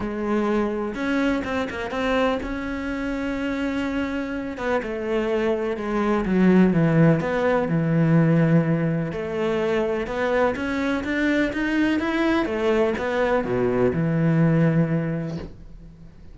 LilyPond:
\new Staff \with { instrumentName = "cello" } { \time 4/4 \tempo 4 = 125 gis2 cis'4 c'8 ais8 | c'4 cis'2.~ | cis'4. b8 a2 | gis4 fis4 e4 b4 |
e2. a4~ | a4 b4 cis'4 d'4 | dis'4 e'4 a4 b4 | b,4 e2. | }